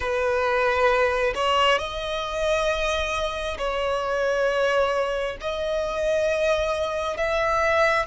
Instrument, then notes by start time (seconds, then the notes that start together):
violin
0.00 B4
1.34 C#5
1.78 D#5
3.57 C#5
5.40 D#5
7.16 E5